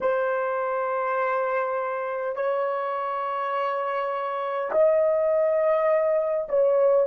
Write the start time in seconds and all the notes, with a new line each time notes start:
0.00 C5
2.35 C#5
4.71 D#5
6.49 C#5